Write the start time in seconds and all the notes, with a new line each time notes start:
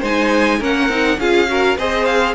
0.00 G#3 D#4 C5 G#5
0.60 A#3 C#4 A#4 F#5
0.89 C4 D#4
1.18 C#4 F4 G#4 F5
1.47 F#4 A#4
1.77 C4 G#4 C5 D#5
2.05 F5